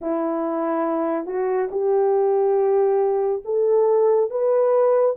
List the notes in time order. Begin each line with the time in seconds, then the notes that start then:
0.01 E4
1.25 F#4
1.71 G4
3.44 A4
4.30 B4